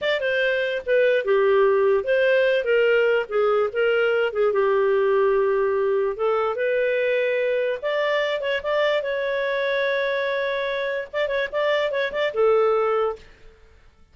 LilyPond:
\new Staff \with { instrumentName = "clarinet" } { \time 4/4 \tempo 4 = 146 d''8 c''4. b'4 g'4~ | g'4 c''4. ais'4. | gis'4 ais'4. gis'8 g'4~ | g'2. a'4 |
b'2. d''4~ | d''8 cis''8 d''4 cis''2~ | cis''2. d''8 cis''8 | d''4 cis''8 d''8 a'2 | }